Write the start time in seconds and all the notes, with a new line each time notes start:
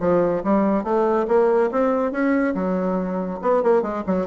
0.00 F3
0.44 G3
0.83 A3
1.27 A#3
1.71 C4
2.12 C#4
2.54 F#3
3.41 B3
3.63 A#3
3.82 G#3
4.06 F#3